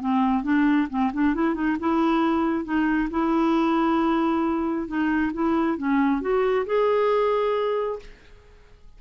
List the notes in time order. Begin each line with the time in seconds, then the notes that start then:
0.00 C4
0.43 D4
0.89 C4
1.13 D4
1.34 E4
1.54 D#4
1.79 E4
2.64 D#4
3.10 E4
4.87 D#4
5.33 E4
5.77 C#4
6.21 F#4
6.66 G#4